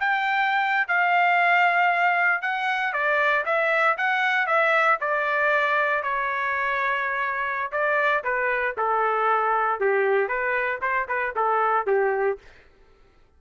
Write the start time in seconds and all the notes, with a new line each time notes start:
0.00 G5
0.88 F5
2.42 F#5
2.93 D5
3.45 E5
3.98 F#5
4.47 E5
5.01 D5
6.03 C#5
7.72 D5
8.24 B4
8.77 A4
9.80 G4
10.28 B4
10.82 C5
11.08 B4
11.36 A4
11.87 G4